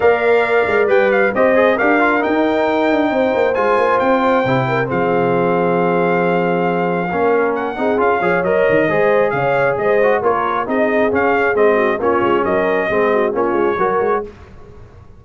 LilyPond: <<
  \new Staff \with { instrumentName = "trumpet" } { \time 4/4 \tempo 4 = 135 f''2 g''8 f''8 dis''4 | f''4 g''2. | gis''4 g''2 f''4~ | f''1~ |
f''4 fis''4 f''4 dis''4~ | dis''4 f''4 dis''4 cis''4 | dis''4 f''4 dis''4 cis''4 | dis''2 cis''2 | }
  \new Staff \with { instrumentName = "horn" } { \time 4/4 d''2. c''4 | ais'2. c''4~ | c''2~ c''8 ais'8 gis'4~ | gis'1 |
ais'4. gis'4 cis''4. | c''4 cis''4 c''4 ais'4 | gis'2~ gis'8 fis'8 f'4 | ais'4 gis'8 fis'8 f'4 ais'4 | }
  \new Staff \with { instrumentName = "trombone" } { \time 4/4 ais'2 b'4 g'8 gis'8 | g'8 f'8 dis'2. | f'2 e'4 c'4~ | c'1 |
cis'4. dis'8 f'8 gis'8 ais'4 | gis'2~ gis'8 fis'8 f'4 | dis'4 cis'4 c'4 cis'4~ | cis'4 c'4 cis'4 fis'4 | }
  \new Staff \with { instrumentName = "tuba" } { \time 4/4 ais4. gis8 g4 c'4 | d'4 dis'4. d'8 c'8 ais8 | gis8 ais8 c'4 c4 f4~ | f1 |
ais4. c'8 cis'8 f8 fis8 dis8 | gis4 cis4 gis4 ais4 | c'4 cis'4 gis4 ais8 gis8 | fis4 gis4 ais8 gis8 fis8 gis8 | }
>>